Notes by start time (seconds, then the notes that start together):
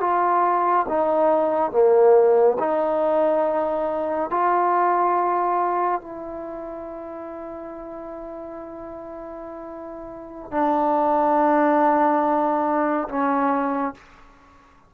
0.00 F4
0.88 D#4
1.71 A#3
2.59 D#4
4.30 F4
6.01 E4
10.51 D4
13.08 C#4